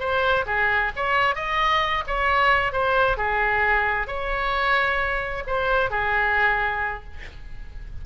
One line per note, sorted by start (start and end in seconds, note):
0.00 0.45 C5
0.46 0.92 G#4
0.96 1.36 C#5
1.36 2.04 D#5
2.07 2.73 C#5
2.73 3.17 C5
3.17 4.07 G#4
4.07 5.44 C#5
5.47 5.90 C5
5.90 7.04 G#4